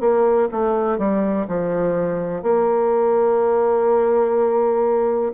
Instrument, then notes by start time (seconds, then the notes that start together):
bassoon
0.00 A#3
0.51 A3
0.98 G3
1.48 F3
2.42 A#3